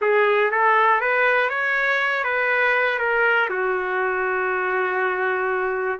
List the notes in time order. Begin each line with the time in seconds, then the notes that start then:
0.01 G#4
0.51 A4
1.00 B4
1.49 C#5
2.24 B4
2.98 A#4
3.49 F#4